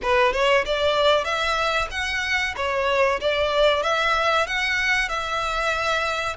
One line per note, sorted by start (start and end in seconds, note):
0.02 0.32 B4
0.32 0.64 C#5
0.65 1.24 D5
1.24 1.88 E5
1.90 2.54 F#5
2.56 3.20 C#5
3.20 3.83 D5
3.83 4.47 E5
4.47 5.09 F#5
5.09 6.36 E5